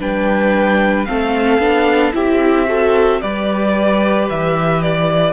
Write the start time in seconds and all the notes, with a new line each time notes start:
0.00 G3 D4 B4 G5
1.06 A3 C4 A4 F5
1.59 B3 D4
2.13 C4 E4 G4 E5
2.67 F#4 A4
3.22 G3 G4 B4 D5
4.30 E3 E5
4.83 D5